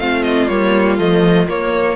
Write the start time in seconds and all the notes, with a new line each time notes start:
0.00 A3 C4 F4 F5
0.24 D#5
0.48 G3 A#3 C#5
0.98 F3 A3 D#5
1.48 A#3 C#5